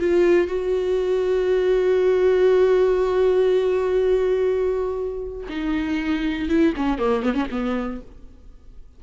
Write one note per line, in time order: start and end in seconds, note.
0.00 0.48 F4
0.48 5.48 F#4
5.49 6.49 D#4
6.49 6.74 E4
6.77 6.99 C#4
6.99 7.23 A#3
7.23 7.35 B3
7.35 7.47 C#4
7.51 8.01 B3